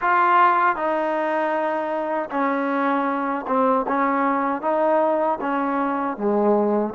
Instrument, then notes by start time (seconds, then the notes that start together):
trombone
0.01 F4
0.76 D#4
2.30 C#4
3.47 C4
3.87 C#4
4.62 D#4
5.41 C#4
6.17 G#3